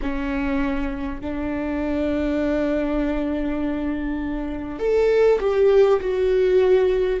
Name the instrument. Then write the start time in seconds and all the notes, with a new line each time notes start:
viola
0.02 C#4
1.20 D4
4.79 A4
5.40 G4
6.00 F#4